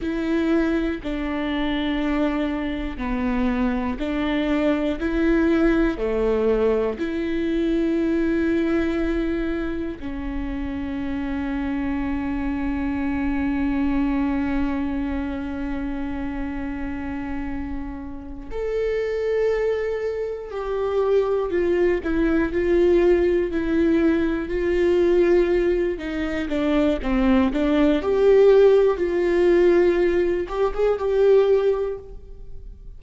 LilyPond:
\new Staff \with { instrumentName = "viola" } { \time 4/4 \tempo 4 = 60 e'4 d'2 b4 | d'4 e'4 a4 e'4~ | e'2 cis'2~ | cis'1~ |
cis'2~ cis'8 a'4.~ | a'8 g'4 f'8 e'8 f'4 e'8~ | e'8 f'4. dis'8 d'8 c'8 d'8 | g'4 f'4. g'16 gis'16 g'4 | }